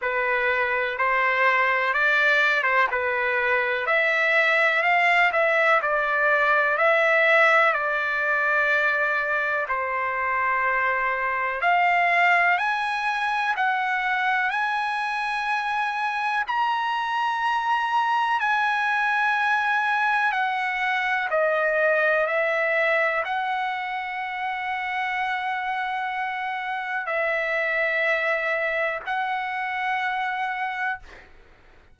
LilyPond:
\new Staff \with { instrumentName = "trumpet" } { \time 4/4 \tempo 4 = 62 b'4 c''4 d''8. c''16 b'4 | e''4 f''8 e''8 d''4 e''4 | d''2 c''2 | f''4 gis''4 fis''4 gis''4~ |
gis''4 ais''2 gis''4~ | gis''4 fis''4 dis''4 e''4 | fis''1 | e''2 fis''2 | }